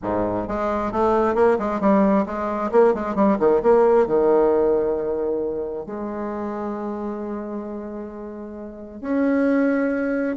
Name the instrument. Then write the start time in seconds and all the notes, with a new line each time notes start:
bassoon
0.02 G#2
0.47 G#3
0.91 A3
1.35 A#3
1.58 G#3
1.80 G3
2.26 G#3
2.71 A#3
2.94 G#3
3.15 G3
3.39 D#3
3.62 A#3
4.06 D#3
5.86 G#3
9.01 C#4